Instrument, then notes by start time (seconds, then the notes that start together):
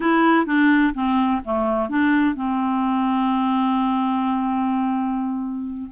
clarinet
0.00 E4
0.46 D4
0.94 C4
1.44 A3
1.89 D4
2.35 C4